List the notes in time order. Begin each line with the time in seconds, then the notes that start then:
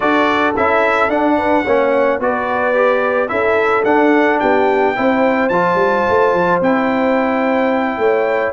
0.00 D4 F#4 A4 D5
0.56 C#4 E4 E5
1.07 D4 F#5
1.37 B4
1.64 A#3 C#4 C#5
2.19 B3 F#4 B4 D5
2.74 G4
3.28 C#4 E4 A4 E5
3.84 D4 F#5
4.39 B3 G4 G5
4.95 C4 E4 C5
5.49 F3 F4 A5
5.74 G3
6.09 A3
6.34 F3
6.61 C4 E4 G5
7.97 A3 C#5